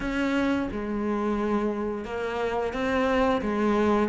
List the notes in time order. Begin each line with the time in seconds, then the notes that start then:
0.00 C#4
0.71 G#3
2.05 A#3
2.73 C4
3.41 G#3